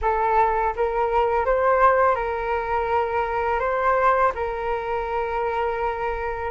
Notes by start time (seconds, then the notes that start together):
0.01 A4
0.76 A#4
1.45 C5
2.15 A#4
3.59 C5
4.34 A#4